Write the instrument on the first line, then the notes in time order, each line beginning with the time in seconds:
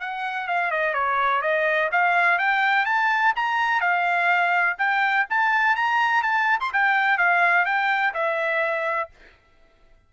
trumpet
0.00 F#5
0.47 F5
0.71 D#5
0.94 C#5
1.42 D#5
1.92 F5
2.39 G5
2.85 A5
3.36 A#5
3.81 F5
4.78 G5
5.30 A5
5.76 A#5
6.22 A5
6.60 C6
6.73 G5
7.18 F5
7.65 G5
8.14 E5